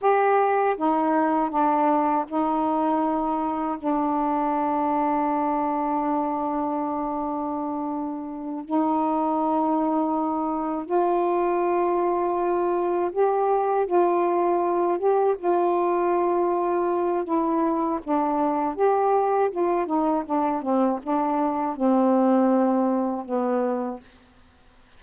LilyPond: \new Staff \with { instrumentName = "saxophone" } { \time 4/4 \tempo 4 = 80 g'4 dis'4 d'4 dis'4~ | dis'4 d'2.~ | d'2.~ d'8 dis'8~ | dis'2~ dis'8 f'4.~ |
f'4. g'4 f'4. | g'8 f'2~ f'8 e'4 | d'4 g'4 f'8 dis'8 d'8 c'8 | d'4 c'2 b4 | }